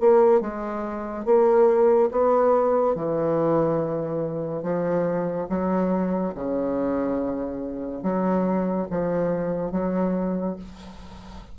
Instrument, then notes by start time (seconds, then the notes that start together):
bassoon
0.00 A#3
0.41 G#3
1.25 A#3
2.11 B3
2.95 E3
4.63 F3
5.49 F#3
6.35 C#3
8.03 F#3
8.90 F3
9.71 F#3